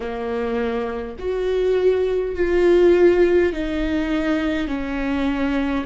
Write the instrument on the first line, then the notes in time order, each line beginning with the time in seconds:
viola
0.00 A#3
1.18 F#4
2.35 F4
3.52 D#4
4.67 C#4